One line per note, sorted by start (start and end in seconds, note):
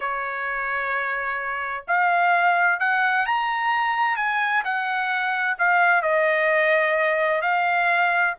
0.00 1.84 C#5
1.87 2.79 F5
2.79 3.26 F#5
3.26 4.16 A#5
4.16 4.63 G#5
4.64 5.57 F#5
5.58 6.01 F5
6.01 7.41 D#5
7.41 8.34 F5